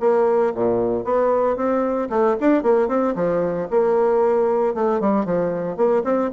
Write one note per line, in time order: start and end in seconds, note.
0.00 0.53 A#3
0.55 1.05 A#2
1.05 1.56 B3
1.56 2.09 C4
2.10 2.36 A3
2.40 2.63 D4
2.63 2.88 A#3
2.88 3.14 C4
3.15 3.68 F3
3.70 4.74 A#3
4.74 5.00 A3
5.00 5.25 G3
5.25 5.77 F3
5.77 6.03 A#3
6.04 6.30 C4